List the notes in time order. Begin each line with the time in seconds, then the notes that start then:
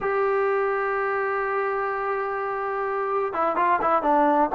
0.01 G4
3.33 E4
3.56 F4
3.81 E4
4.02 D4